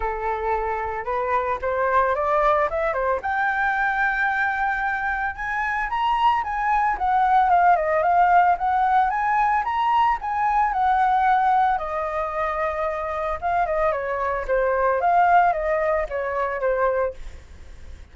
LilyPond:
\new Staff \with { instrumentName = "flute" } { \time 4/4 \tempo 4 = 112 a'2 b'4 c''4 | d''4 e''8 c''8 g''2~ | g''2 gis''4 ais''4 | gis''4 fis''4 f''8 dis''8 f''4 |
fis''4 gis''4 ais''4 gis''4 | fis''2 dis''2~ | dis''4 f''8 dis''8 cis''4 c''4 | f''4 dis''4 cis''4 c''4 | }